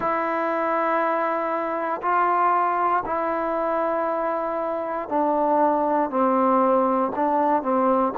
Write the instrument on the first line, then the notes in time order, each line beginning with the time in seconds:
trombone
0.00 E4
2.02 F4
3.05 E4
5.08 D4
6.10 C4
7.15 D4
7.62 C4